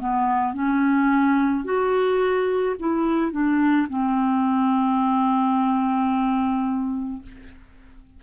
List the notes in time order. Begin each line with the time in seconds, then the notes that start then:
0.00 B3
0.54 C#4
1.65 F#4
2.80 E4
3.32 D4
3.89 C4